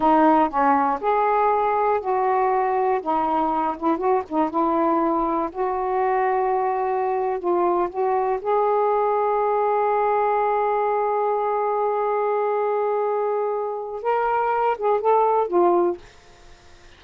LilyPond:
\new Staff \with { instrumentName = "saxophone" } { \time 4/4 \tempo 4 = 120 dis'4 cis'4 gis'2 | fis'2 dis'4. e'8 | fis'8 dis'8 e'2 fis'4~ | fis'2~ fis'8. f'4 fis'16~ |
fis'8. gis'2.~ gis'16~ | gis'1~ | gis'1 | ais'4. gis'8 a'4 f'4 | }